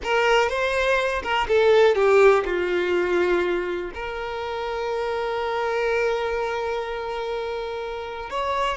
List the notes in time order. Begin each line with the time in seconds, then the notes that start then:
0.03 A#4
0.49 C5
1.23 A#4
1.48 A4
1.95 G4
2.45 F4
3.94 A#4
8.29 C#5